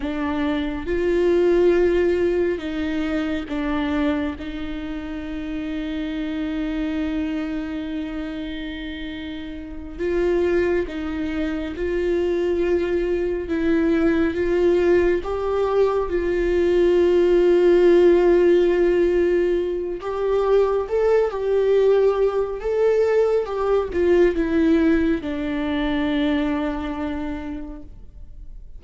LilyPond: \new Staff \with { instrumentName = "viola" } { \time 4/4 \tempo 4 = 69 d'4 f'2 dis'4 | d'4 dis'2.~ | dis'2.~ dis'8 f'8~ | f'8 dis'4 f'2 e'8~ |
e'8 f'4 g'4 f'4.~ | f'2. g'4 | a'8 g'4. a'4 g'8 f'8 | e'4 d'2. | }